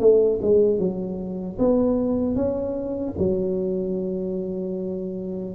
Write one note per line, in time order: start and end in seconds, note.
0.00 0.39 A3
0.42 0.79 G#3
0.79 1.58 F#3
1.59 2.36 B3
2.36 3.15 C#4
3.19 5.55 F#3